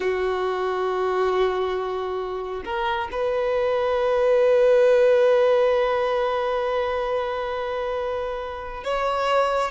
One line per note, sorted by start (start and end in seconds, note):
0.00 2.63 F#4
2.65 3.09 A#4
3.11 8.84 B4
8.84 9.71 C#5